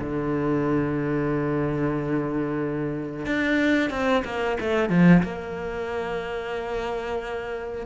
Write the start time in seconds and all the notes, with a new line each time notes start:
0.00 D3
3.26 D4
3.91 C4
4.24 A#3
4.60 A3
4.89 F3
5.23 A#3